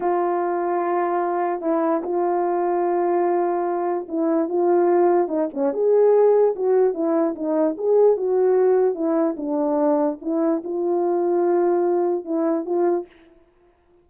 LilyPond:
\new Staff \with { instrumentName = "horn" } { \time 4/4 \tempo 4 = 147 f'1 | e'4 f'2.~ | f'2 e'4 f'4~ | f'4 dis'8 cis'8 gis'2 |
fis'4 e'4 dis'4 gis'4 | fis'2 e'4 d'4~ | d'4 e'4 f'2~ | f'2 e'4 f'4 | }